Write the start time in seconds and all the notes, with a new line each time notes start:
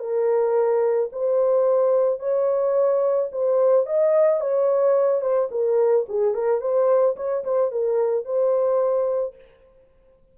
0.00 A#4
1.13 C5
2.20 C#5
3.32 C5
3.87 D#5
4.41 C#5
5.22 C5
5.51 A#4
6.09 G#4
6.35 A#4
6.61 C5
7.17 C#5
7.45 C5
7.72 A#4
8.25 C5